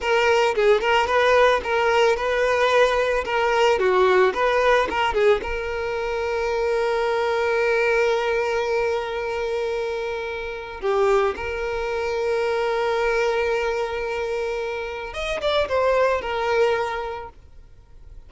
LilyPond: \new Staff \with { instrumentName = "violin" } { \time 4/4 \tempo 4 = 111 ais'4 gis'8 ais'8 b'4 ais'4 | b'2 ais'4 fis'4 | b'4 ais'8 gis'8 ais'2~ | ais'1~ |
ais'1 | g'4 ais'2.~ | ais'1 | dis''8 d''8 c''4 ais'2 | }